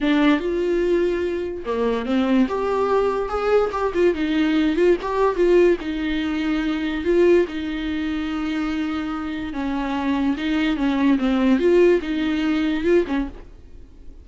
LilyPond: \new Staff \with { instrumentName = "viola" } { \time 4/4 \tempo 4 = 145 d'4 f'2. | ais4 c'4 g'2 | gis'4 g'8 f'8 dis'4. f'8 | g'4 f'4 dis'2~ |
dis'4 f'4 dis'2~ | dis'2. cis'4~ | cis'4 dis'4 cis'4 c'4 | f'4 dis'2 f'8 cis'8 | }